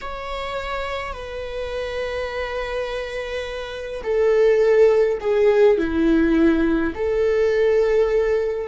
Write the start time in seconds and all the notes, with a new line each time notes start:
0.01 C#5
1.13 B4
4.03 A4
5.20 G#4
5.77 E4
6.94 A4